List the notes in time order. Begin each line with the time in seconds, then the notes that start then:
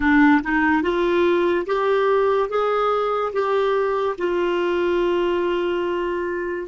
0.00 D4
0.42 D#4
0.82 F4
1.66 G4
2.48 G#4
3.32 G4
4.17 F4